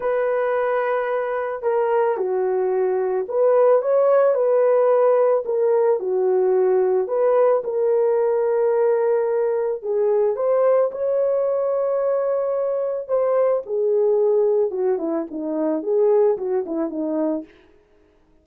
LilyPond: \new Staff \with { instrumentName = "horn" } { \time 4/4 \tempo 4 = 110 b'2. ais'4 | fis'2 b'4 cis''4 | b'2 ais'4 fis'4~ | fis'4 b'4 ais'2~ |
ais'2 gis'4 c''4 | cis''1 | c''4 gis'2 fis'8 e'8 | dis'4 gis'4 fis'8 e'8 dis'4 | }